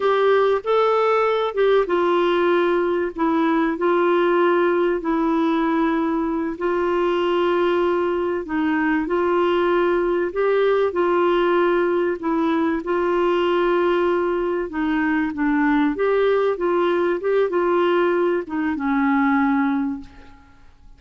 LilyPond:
\new Staff \with { instrumentName = "clarinet" } { \time 4/4 \tempo 4 = 96 g'4 a'4. g'8 f'4~ | f'4 e'4 f'2 | e'2~ e'8 f'4.~ | f'4. dis'4 f'4.~ |
f'8 g'4 f'2 e'8~ | e'8 f'2. dis'8~ | dis'8 d'4 g'4 f'4 g'8 | f'4. dis'8 cis'2 | }